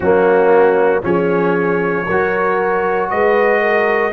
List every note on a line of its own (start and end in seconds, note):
0.00 1.02 F#3
0.00 1.02 A#3
0.00 1.01 C#4
0.00 1.03 F#4
1.02 2.06 F3
1.02 2.06 C#4
1.02 2.06 G#4
1.02 3.09 C#5
2.06 3.11 F#3
2.06 4.12 F#4
2.06 3.09 A#4
3.09 4.12 G#3
3.09 3.60 B4
3.09 4.12 D#5
3.60 4.12 A#4